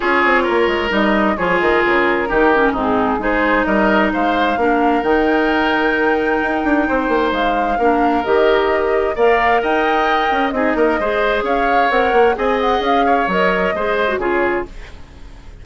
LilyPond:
<<
  \new Staff \with { instrumentName = "flute" } { \time 4/4 \tempo 4 = 131 cis''2 dis''4 cis''8 dis''8 | ais'2 gis'4 c''4 | dis''4 f''2 g''4~ | g''1 |
f''2 dis''2 | f''4 g''2 dis''4~ | dis''4 f''4 fis''4 gis''8 fis''8 | f''4 dis''2 cis''4 | }
  \new Staff \with { instrumentName = "oboe" } { \time 4/4 gis'4 ais'2 gis'4~ | gis'4 g'4 dis'4 gis'4 | ais'4 c''4 ais'2~ | ais'2. c''4~ |
c''4 ais'2. | d''4 dis''2 gis'8 ais'8 | c''4 cis''2 dis''4~ | dis''8 cis''4. c''4 gis'4 | }
  \new Staff \with { instrumentName = "clarinet" } { \time 4/4 f'2 dis'4 f'4~ | f'4 dis'8 cis'8 c'4 dis'4~ | dis'2 d'4 dis'4~ | dis'1~ |
dis'4 d'4 g'2 | ais'2. dis'4 | gis'2 ais'4 gis'4~ | gis'4 ais'4 gis'8. fis'16 f'4 | }
  \new Staff \with { instrumentName = "bassoon" } { \time 4/4 cis'8 c'8 ais8 gis8 g4 f8 dis8 | cis4 dis4 gis,4 gis4 | g4 gis4 ais4 dis4~ | dis2 dis'8 d'8 c'8 ais8 |
gis4 ais4 dis2 | ais4 dis'4. cis'8 c'8 ais8 | gis4 cis'4 c'8 ais8 c'4 | cis'4 fis4 gis4 cis4 | }
>>